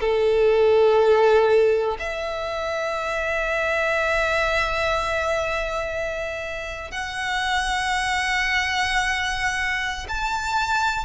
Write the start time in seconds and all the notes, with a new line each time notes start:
0.00 A4
2.00 E5
6.92 F#5
10.08 A5